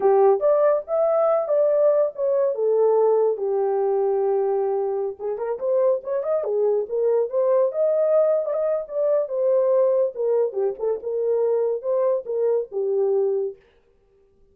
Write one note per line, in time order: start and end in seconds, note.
0.00 0.40 G4
0.40 0.82 D5
0.87 1.48 E5
1.48 2.11 D5
2.15 2.54 C#5
2.54 3.37 A4
3.37 5.16 G4
5.19 5.37 G#4
5.37 5.59 A#4
5.59 6.01 C5
6.03 6.23 C#5
6.23 6.44 D#5
6.44 6.86 G#4
6.89 7.29 A#4
7.29 7.72 C5
7.72 8.45 D#5
8.45 8.53 D5
8.53 8.85 D#5
8.88 9.28 D5
9.28 10.12 C5
10.14 10.52 A#4
10.52 10.74 G4
10.78 11.00 A4
11.02 11.82 A#4
11.82 12.24 C5
12.25 12.68 A#4
12.71 13.56 G4